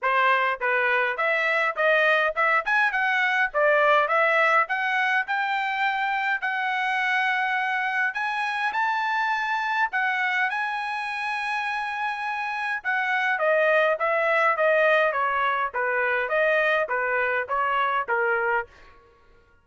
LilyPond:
\new Staff \with { instrumentName = "trumpet" } { \time 4/4 \tempo 4 = 103 c''4 b'4 e''4 dis''4 | e''8 gis''8 fis''4 d''4 e''4 | fis''4 g''2 fis''4~ | fis''2 gis''4 a''4~ |
a''4 fis''4 gis''2~ | gis''2 fis''4 dis''4 | e''4 dis''4 cis''4 b'4 | dis''4 b'4 cis''4 ais'4 | }